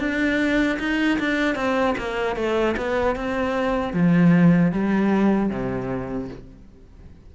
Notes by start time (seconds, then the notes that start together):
0.00 D4
0.80 D#4
1.19 D4
1.56 C4
1.98 A#3
2.36 A3
2.77 B3
3.16 C4
3.94 F3
4.73 G3
5.50 C3